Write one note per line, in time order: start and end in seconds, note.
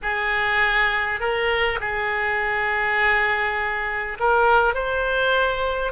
0.02 1.19 G#4
1.19 1.79 A#4
1.80 4.18 G#4
4.19 4.74 A#4
4.74 5.92 C5